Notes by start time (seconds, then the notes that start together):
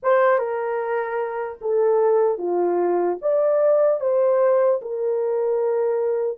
0.03 C5
0.38 A#4
1.61 A4
2.37 F4
3.21 D5
4.00 C5
4.81 A#4